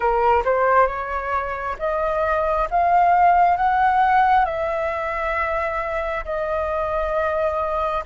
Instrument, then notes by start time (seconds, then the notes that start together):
flute
0.00 A#4
0.44 C5
0.87 C#5
1.78 D#5
2.70 F5
3.56 F#5
4.45 E5
6.24 D#5